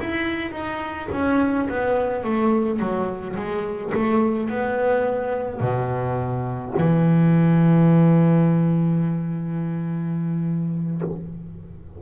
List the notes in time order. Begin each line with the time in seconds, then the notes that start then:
0.00 E4
0.51 D#4
1.12 C#4
1.69 B3
2.24 A3
2.79 F#3
3.36 G#3
3.94 A3
4.49 B3
5.60 B2
6.78 E3